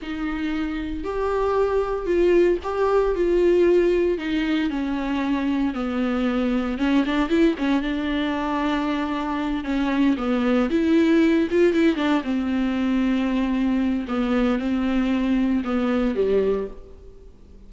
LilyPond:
\new Staff \with { instrumentName = "viola" } { \time 4/4 \tempo 4 = 115 dis'2 g'2 | f'4 g'4 f'2 | dis'4 cis'2 b4~ | b4 cis'8 d'8 e'8 cis'8 d'4~ |
d'2~ d'8 cis'4 b8~ | b8 e'4. f'8 e'8 d'8 c'8~ | c'2. b4 | c'2 b4 g4 | }